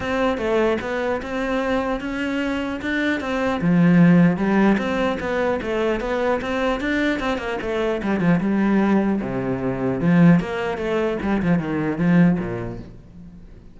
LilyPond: \new Staff \with { instrumentName = "cello" } { \time 4/4 \tempo 4 = 150 c'4 a4 b4 c'4~ | c'4 cis'2 d'4 | c'4 f2 g4 | c'4 b4 a4 b4 |
c'4 d'4 c'8 ais8 a4 | g8 f8 g2 c4~ | c4 f4 ais4 a4 | g8 f8 dis4 f4 ais,4 | }